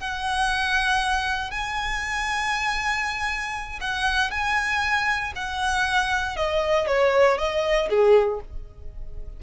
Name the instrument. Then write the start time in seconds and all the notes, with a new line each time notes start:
violin
0.00 F#5
1.51 G#5
3.81 F#5
4.31 G#5
5.36 F#5
6.37 D#5
6.87 C#5
7.38 D#5
7.90 G#4